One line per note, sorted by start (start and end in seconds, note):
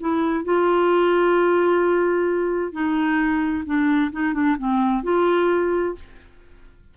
0.00 0.44 E4
0.44 2.73 F4
2.73 3.64 D#4
3.65 4.11 D4
4.12 4.34 D#4
4.34 4.57 D4
4.58 5.03 C4
5.03 5.95 F4